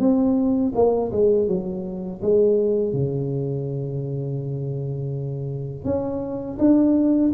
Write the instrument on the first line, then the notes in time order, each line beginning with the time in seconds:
tuba
0.00 C4
0.75 A#3
1.12 G#3
1.48 F#3
2.22 G#3
2.94 C#3
5.85 C#4
6.59 D4